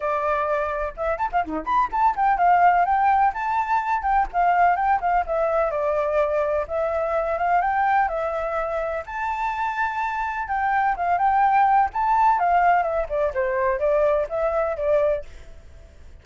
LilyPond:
\new Staff \with { instrumentName = "flute" } { \time 4/4 \tempo 4 = 126 d''2 e''8 a''16 f''16 dis'8 b''8 | a''8 g''8 f''4 g''4 a''4~ | a''8 g''8 f''4 g''8 f''8 e''4 | d''2 e''4. f''8 |
g''4 e''2 a''4~ | a''2 g''4 f''8 g''8~ | g''4 a''4 f''4 e''8 d''8 | c''4 d''4 e''4 d''4 | }